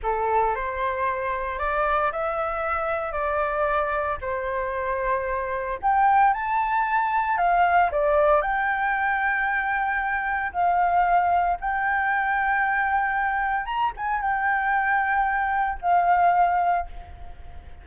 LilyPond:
\new Staff \with { instrumentName = "flute" } { \time 4/4 \tempo 4 = 114 a'4 c''2 d''4 | e''2 d''2 | c''2. g''4 | a''2 f''4 d''4 |
g''1 | f''2 g''2~ | g''2 ais''8 gis''8 g''4~ | g''2 f''2 | }